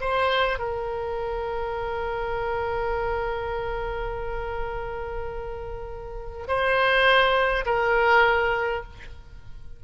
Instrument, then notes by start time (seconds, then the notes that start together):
oboe
0.00 C5
0.59 A#4
6.47 C5
7.65 A#4